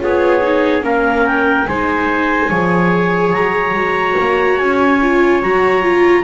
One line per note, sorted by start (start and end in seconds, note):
0.00 0.83 B3
0.00 0.42 F4
0.00 0.85 G#4
0.00 0.83 C#5
0.42 0.82 D#4
0.82 1.67 A#3
0.82 1.66 C#4
0.82 1.68 A#4
0.82 1.27 F5
1.27 1.68 G5
1.68 2.51 G#3
1.68 2.51 D#4
1.68 2.50 C5
1.68 3.33 G#5
2.50 3.34 F3
2.50 3.75 G#4
2.50 6.24 C#5
3.33 3.74 F#3
3.33 4.58 A#5
3.74 4.16 G#3
3.74 5.00 F#4
4.20 4.60 A#3
4.58 5.43 C#4
4.58 5.41 G#5
5.02 5.43 F4
5.43 6.24 F#3
5.43 5.83 F#4
5.43 6.24 A#5
5.83 6.24 F4